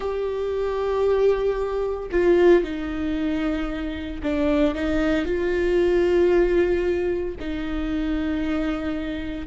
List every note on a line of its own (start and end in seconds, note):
0.00 2.10 G4
2.11 2.63 F4
2.63 4.21 D#4
4.22 4.75 D4
4.75 5.25 D#4
5.25 7.35 F4
7.39 9.47 D#4